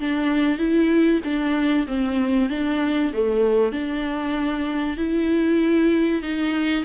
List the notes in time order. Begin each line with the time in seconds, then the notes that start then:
0.00 D4
0.59 E4
1.24 D4
1.88 C4
2.50 D4
3.13 A3
3.72 D4
4.97 E4
6.22 D#4